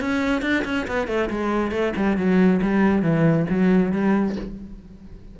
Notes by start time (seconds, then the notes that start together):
0.00 C#4
0.42 D4
0.64 C#4
0.87 B3
1.07 A3
1.30 G#3
1.71 A3
1.96 G3
2.17 F#3
2.62 G3
3.02 E3
3.49 F#3
3.92 G3